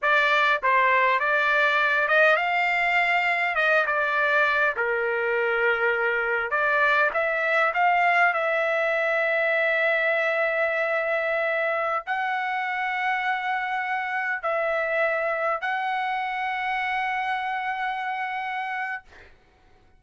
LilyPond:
\new Staff \with { instrumentName = "trumpet" } { \time 4/4 \tempo 4 = 101 d''4 c''4 d''4. dis''8 | f''2 dis''8 d''4. | ais'2. d''4 | e''4 f''4 e''2~ |
e''1~ | e''16 fis''2.~ fis''8.~ | fis''16 e''2 fis''4.~ fis''16~ | fis''1 | }